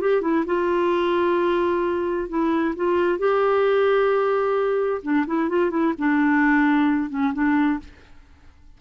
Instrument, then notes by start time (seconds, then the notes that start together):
clarinet
0.00 G4
0.21 E4
0.45 F4
2.28 E4
2.75 F4
3.18 G4
5.02 D4
5.26 E4
5.49 F4
5.70 E4
5.98 D4
7.10 C#4
7.33 D4